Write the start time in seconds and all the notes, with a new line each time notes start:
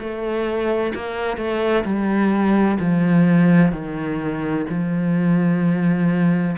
0.00 A3
0.95 A#3
1.38 A3
1.85 G3
2.80 F3
3.72 D#3
4.70 F3